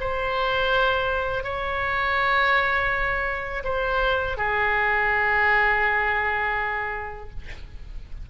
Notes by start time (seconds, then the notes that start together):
0.00 C5
1.43 C#5
3.64 C5
4.37 G#4